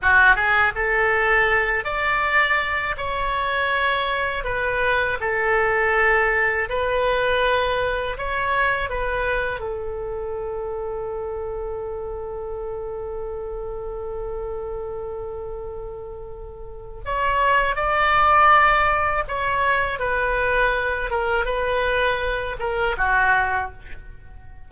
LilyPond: \new Staff \with { instrumentName = "oboe" } { \time 4/4 \tempo 4 = 81 fis'8 gis'8 a'4. d''4. | cis''2 b'4 a'4~ | a'4 b'2 cis''4 | b'4 a'2.~ |
a'1~ | a'2. cis''4 | d''2 cis''4 b'4~ | b'8 ais'8 b'4. ais'8 fis'4 | }